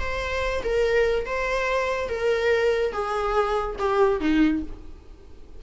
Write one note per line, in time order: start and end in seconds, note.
0.00 0.63 C5
0.64 1.26 A#4
1.26 2.09 C5
2.09 2.93 A#4
2.93 3.76 G#4
3.79 4.21 G4
4.21 4.62 D#4